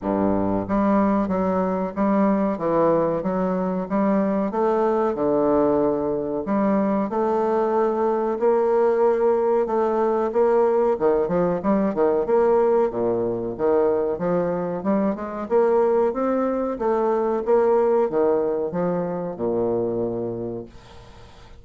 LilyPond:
\new Staff \with { instrumentName = "bassoon" } { \time 4/4 \tempo 4 = 93 g,4 g4 fis4 g4 | e4 fis4 g4 a4 | d2 g4 a4~ | a4 ais2 a4 |
ais4 dis8 f8 g8 dis8 ais4 | ais,4 dis4 f4 g8 gis8 | ais4 c'4 a4 ais4 | dis4 f4 ais,2 | }